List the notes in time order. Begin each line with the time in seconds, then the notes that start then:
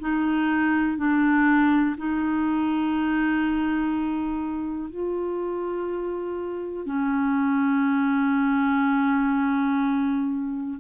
0.00 D#4
0.97 D4
1.98 D#4
4.90 F4
6.87 C#4